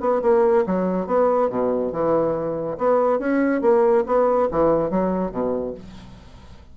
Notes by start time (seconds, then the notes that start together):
0.00 B3
0.22 A#3
0.66 F#3
1.07 B3
1.50 B2
1.92 E3
2.78 B3
3.19 C#4
3.61 A#3
4.06 B3
4.51 E3
4.90 F#3
5.32 B2